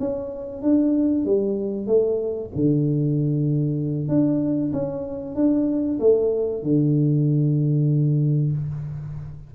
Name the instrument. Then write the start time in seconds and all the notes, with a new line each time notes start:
tuba
0.00 C#4
0.62 D4
1.25 G3
1.87 A3
2.55 D3
4.09 D4
4.73 C#4
5.35 D4
6.00 A3
6.63 D3